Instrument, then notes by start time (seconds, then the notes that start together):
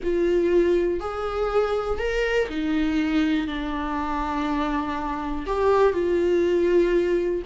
viola
0.03 F4
0.99 G#4
1.98 A#4
2.48 D#4
3.47 D4
5.46 G4
5.93 F4